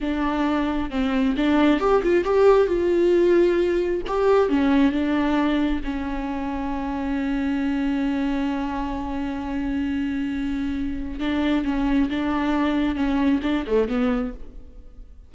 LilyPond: \new Staff \with { instrumentName = "viola" } { \time 4/4 \tempo 4 = 134 d'2 c'4 d'4 | g'8 f'8 g'4 f'2~ | f'4 g'4 cis'4 d'4~ | d'4 cis'2.~ |
cis'1~ | cis'1~ | cis'4 d'4 cis'4 d'4~ | d'4 cis'4 d'8 a8 b4 | }